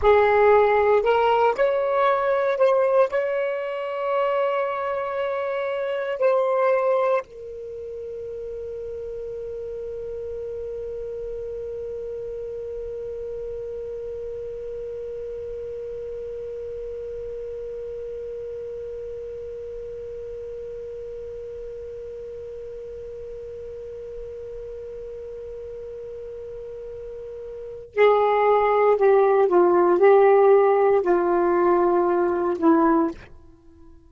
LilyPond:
\new Staff \with { instrumentName = "saxophone" } { \time 4/4 \tempo 4 = 58 gis'4 ais'8 cis''4 c''8 cis''4~ | cis''2 c''4 ais'4~ | ais'1~ | ais'1~ |
ais'1~ | ais'1~ | ais'2. gis'4 | g'8 f'8 g'4 f'4. e'8 | }